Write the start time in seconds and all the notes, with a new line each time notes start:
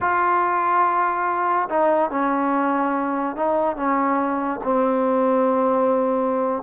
0.00 F4
1.69 D#4
2.10 C#4
3.36 D#4
3.76 C#4
4.63 C4